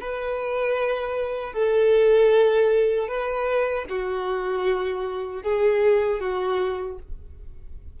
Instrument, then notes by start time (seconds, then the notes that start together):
violin
0.00 B4
1.53 A4
3.07 B4
3.89 F#4
5.42 G#4
6.20 F#4